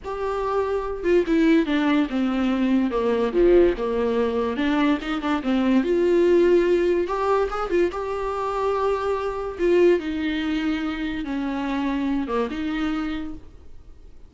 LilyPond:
\new Staff \with { instrumentName = "viola" } { \time 4/4 \tempo 4 = 144 g'2~ g'8 f'8 e'4 | d'4 c'2 ais4 | f4 ais2 d'4 | dis'8 d'8 c'4 f'2~ |
f'4 g'4 gis'8 f'8 g'4~ | g'2. f'4 | dis'2. cis'4~ | cis'4. ais8 dis'2 | }